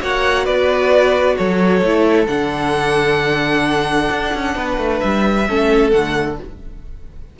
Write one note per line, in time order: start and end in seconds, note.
0.00 0.47 A#3
0.00 1.82 F#4
0.00 0.44 C#5
0.00 0.45 F#5
0.44 1.37 B3
0.44 1.35 B4
0.44 1.36 D5
1.36 1.81 F#3
1.36 4.55 A4
1.36 2.27 C#5
1.81 2.27 A3
1.81 2.26 E4
2.26 4.09 D3
2.26 5.45 D4
2.26 5.00 F#5
4.11 4.33 D4
4.34 4.55 C#4
4.55 4.77 B3
4.55 5.48 B4
4.77 5.00 A3
5.00 5.49 G3
5.00 5.90 E5
5.48 5.94 A3
5.48 5.92 C#4
5.48 6.39 A4
5.91 6.39 D3
5.91 6.37 A3
5.91 6.36 F#5